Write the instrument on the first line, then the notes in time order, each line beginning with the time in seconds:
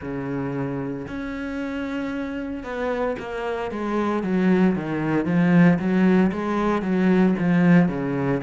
cello
0.01 C#3
1.07 C#4
2.63 B3
3.19 A#3
3.71 G#3
4.23 F#3
4.75 D#3
5.25 F3
5.78 F#3
6.32 G#3
6.81 F#3
7.38 F3
7.88 C#3